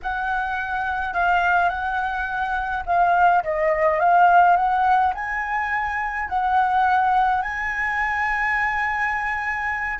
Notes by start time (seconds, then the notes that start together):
0.02 F#5
1.13 F5
1.69 F#5
2.85 F5
3.43 D#5
3.99 F5
4.56 F#5
5.14 G#5
6.28 F#5
7.42 G#5